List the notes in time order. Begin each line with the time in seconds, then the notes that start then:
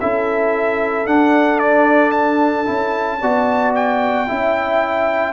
0.00 C#4 E4 A4 E5
1.06 D4 F#5
1.59 D5
2.11 A5
2.65 C#4 E4
3.20 B3 F#4 D5
3.75 G5
4.27 C#4 E4 E5